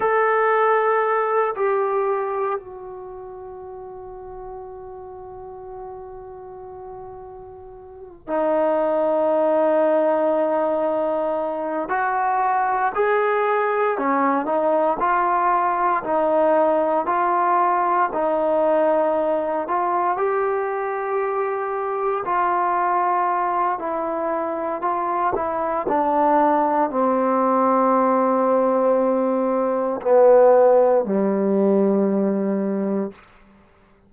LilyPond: \new Staff \with { instrumentName = "trombone" } { \time 4/4 \tempo 4 = 58 a'4. g'4 fis'4.~ | fis'1 | dis'2.~ dis'8 fis'8~ | fis'8 gis'4 cis'8 dis'8 f'4 dis'8~ |
dis'8 f'4 dis'4. f'8 g'8~ | g'4. f'4. e'4 | f'8 e'8 d'4 c'2~ | c'4 b4 g2 | }